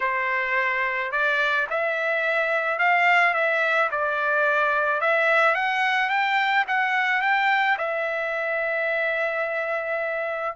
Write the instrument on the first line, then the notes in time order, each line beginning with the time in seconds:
trumpet
0.00 C5
1.11 D5
1.69 E5
2.79 F5
3.34 E5
3.91 D5
5.01 E5
5.55 F#5
6.09 G5
6.67 F#5
7.21 G5
7.78 E5